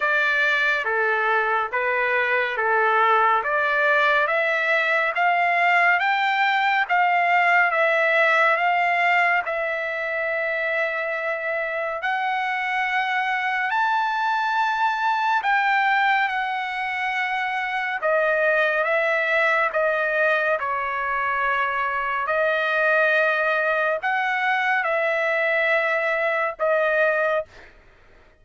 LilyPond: \new Staff \with { instrumentName = "trumpet" } { \time 4/4 \tempo 4 = 70 d''4 a'4 b'4 a'4 | d''4 e''4 f''4 g''4 | f''4 e''4 f''4 e''4~ | e''2 fis''2 |
a''2 g''4 fis''4~ | fis''4 dis''4 e''4 dis''4 | cis''2 dis''2 | fis''4 e''2 dis''4 | }